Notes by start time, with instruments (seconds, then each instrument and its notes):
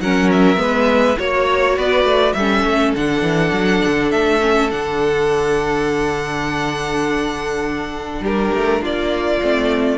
0.00 cello F#3, viola C#4, violin A#4 F#5
0.31 violin E5
0.56 cello G#3, viola B3, violin B4
1.19 cello A#3, viola F#4, violin C#5
1.77 cello B3, violin B4 D5
2.04 cello A3
2.33 cello G3, violin A4 E5
2.40 viola C#4
2.66 cello A3
2.96 cello D3, viola D4, violin F#5
3.22 cello E3
3.53 cello F#3
3.86 cello D3
4.12 cello A3, violin E5
4.41 viola C#4
4.71 cello D3, viola D4, violin F#5
8.21 cello G3, violin G4 A#4
8.55 cello A3
8.82 cello A#3, violin F4 D5
9.42 cello A3, viola C4